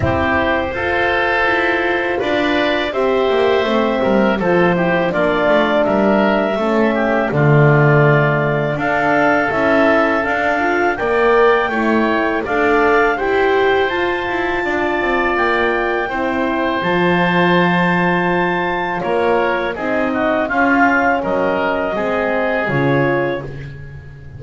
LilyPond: <<
  \new Staff \with { instrumentName = "clarinet" } { \time 4/4 \tempo 4 = 82 c''2. d''4 | e''2 c''4 d''4 | e''2 d''2 | f''4 e''4 f''4 g''4~ |
g''4 f''4 g''4 a''4~ | a''4 g''2 a''4~ | a''2 cis''4 dis''4 | f''4 dis''2 cis''4 | }
  \new Staff \with { instrumentName = "oboe" } { \time 4/4 g'4 a'2 b'4 | c''4. ais'8 a'8 g'8 f'4 | ais'4 a'8 g'8 f'2 | a'2. d''4 |
cis''4 d''4 c''2 | d''2 c''2~ | c''2 ais'4 gis'8 fis'8 | f'4 ais'4 gis'2 | }
  \new Staff \with { instrumentName = "horn" } { \time 4/4 e'4 f'2. | g'4 c'4 f'8 e'8 d'4~ | d'4 cis'4 a2 | d'4 e'4 d'8 f'8 ais'4 |
e'4 a'4 g'4 f'4~ | f'2 e'4 f'4~ | f'2. dis'4 | cis'2 c'4 f'4 | }
  \new Staff \with { instrumentName = "double bass" } { \time 4/4 c'4 f'4 e'4 d'4 | c'8 ais8 a8 g8 f4 ais8 a8 | g4 a4 d2 | d'4 cis'4 d'4 ais4 |
a4 d'4 e'4 f'8 e'8 | d'8 c'8 ais4 c'4 f4~ | f2 ais4 c'4 | cis'4 fis4 gis4 cis4 | }
>>